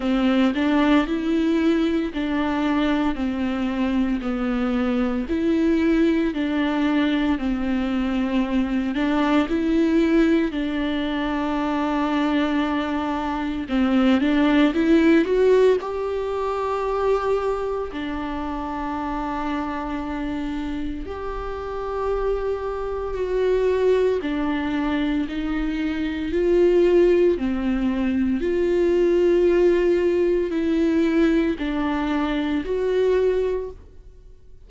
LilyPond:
\new Staff \with { instrumentName = "viola" } { \time 4/4 \tempo 4 = 57 c'8 d'8 e'4 d'4 c'4 | b4 e'4 d'4 c'4~ | c'8 d'8 e'4 d'2~ | d'4 c'8 d'8 e'8 fis'8 g'4~ |
g'4 d'2. | g'2 fis'4 d'4 | dis'4 f'4 c'4 f'4~ | f'4 e'4 d'4 fis'4 | }